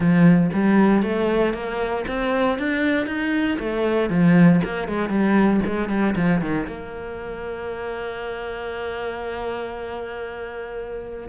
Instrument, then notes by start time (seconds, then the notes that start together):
cello
0.00 F3
0.53 G3
1.02 A3
1.53 A#3
2.07 C4
2.58 D4
3.06 D#4
3.59 A3
4.09 F3
4.64 A#3
4.88 G#3
5.09 G3
5.66 G#3
5.89 G3
6.15 F3
6.41 D#3
6.67 A#3